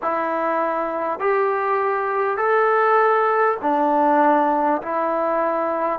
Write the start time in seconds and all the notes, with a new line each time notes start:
0.02 E4
1.19 G4
2.37 A4
3.61 D4
4.82 E4